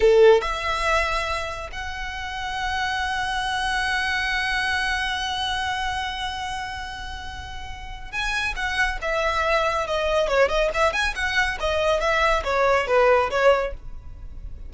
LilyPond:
\new Staff \with { instrumentName = "violin" } { \time 4/4 \tempo 4 = 140 a'4 e''2. | fis''1~ | fis''1~ | fis''1~ |
fis''2. gis''4 | fis''4 e''2 dis''4 | cis''8 dis''8 e''8 gis''8 fis''4 dis''4 | e''4 cis''4 b'4 cis''4 | }